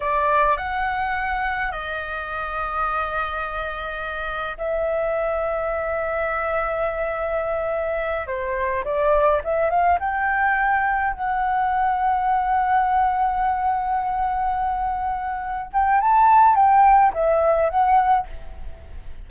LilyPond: \new Staff \with { instrumentName = "flute" } { \time 4/4 \tempo 4 = 105 d''4 fis''2 dis''4~ | dis''1 | e''1~ | e''2~ e''8 c''4 d''8~ |
d''8 e''8 f''8 g''2 fis''8~ | fis''1~ | fis''2.~ fis''8 g''8 | a''4 g''4 e''4 fis''4 | }